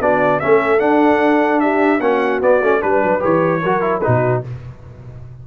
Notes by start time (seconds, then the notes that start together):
0.00 B3 D4 F#4 D5
0.40 A3 C#4 A4 E5
0.79 D4 F#5
1.60 G4 E5
2.00 A#3 C#4 F#4 F#5
2.41 B3 D5
2.61 A3 C#4
2.80 G3 D4 B4
3.03 F#3
3.20 E3 G4 C#5
3.62 F#3 F#4 A#4
3.81 E4
4.00 D#4 F#4 B4
4.07 B2